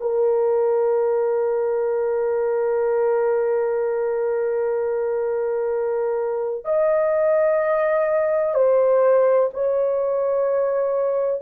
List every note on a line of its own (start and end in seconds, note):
0.00 6.65 A#4
6.65 8.54 D#5
8.54 9.49 C5
9.53 11.41 C#5